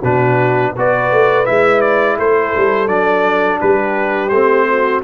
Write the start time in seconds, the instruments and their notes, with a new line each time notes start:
0.00 tuba B2, trombone D4, horn F#4, trumpet B4
0.75 tuba B3, trombone F#4, horn B4, trumpet D5
1.11 tuba A3
1.45 tuba G#3, trombone E4, trumpet E5
1.81 trumpet D5
2.18 tuba A3, horn A4, trumpet C5
2.56 tuba G3
2.87 tuba F#3, trombone D4, trumpet D5
3.60 tuba G3, horn G4, trumpet B4
4.29 tuba A3, trombone C4, trumpet C5
4.68 horn F#4